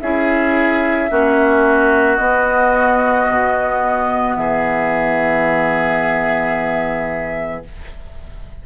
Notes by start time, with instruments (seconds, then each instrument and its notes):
0.00 bassoon C#4, clarinet E4, oboe G#4, flute E5
1.09 bassoon A#3, clarinet C#4, oboe F#4
2.16 clarinet B3, bassoon B3, flute D#5
3.29 bassoon B2
4.35 bassoon E3, oboe G#4, flute E5